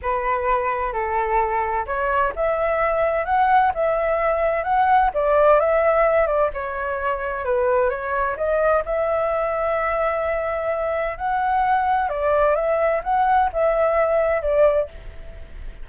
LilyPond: \new Staff \with { instrumentName = "flute" } { \time 4/4 \tempo 4 = 129 b'2 a'2 | cis''4 e''2 fis''4 | e''2 fis''4 d''4 | e''4. d''8 cis''2 |
b'4 cis''4 dis''4 e''4~ | e''1 | fis''2 d''4 e''4 | fis''4 e''2 d''4 | }